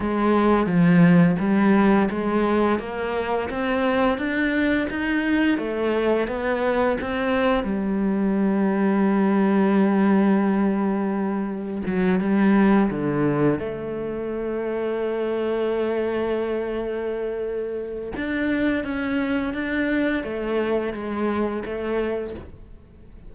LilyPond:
\new Staff \with { instrumentName = "cello" } { \time 4/4 \tempo 4 = 86 gis4 f4 g4 gis4 | ais4 c'4 d'4 dis'4 | a4 b4 c'4 g4~ | g1~ |
g4 fis8 g4 d4 a8~ | a1~ | a2 d'4 cis'4 | d'4 a4 gis4 a4 | }